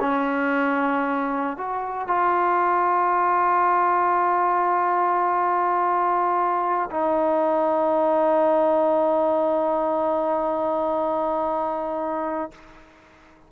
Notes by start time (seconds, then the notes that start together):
0.00 C#4
1.57 F#4
2.07 F4
6.90 D#4